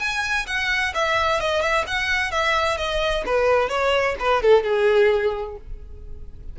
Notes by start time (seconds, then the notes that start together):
0.00 G#5
0.47 F#5
0.95 E5
1.40 D#5
1.62 E5
1.87 F#5
2.32 E5
2.78 D#5
3.26 B4
3.69 C#5
4.20 B4
4.43 A4
4.64 G#4